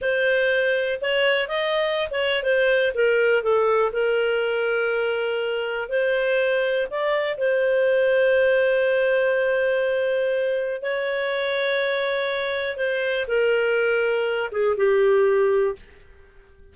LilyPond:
\new Staff \with { instrumentName = "clarinet" } { \time 4/4 \tempo 4 = 122 c''2 cis''4 dis''4~ | dis''16 cis''8. c''4 ais'4 a'4 | ais'1 | c''2 d''4 c''4~ |
c''1~ | c''2 cis''2~ | cis''2 c''4 ais'4~ | ais'4. gis'8 g'2 | }